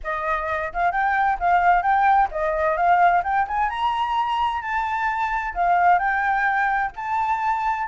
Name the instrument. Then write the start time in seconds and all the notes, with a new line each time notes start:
flute
0.03 D#5
0.73 F5
0.91 G5
1.39 F5
1.82 G5
2.31 D#5
2.76 F5
3.23 G5
3.47 G#5
3.69 A#5
4.61 A5
5.54 F5
5.98 G5
6.96 A5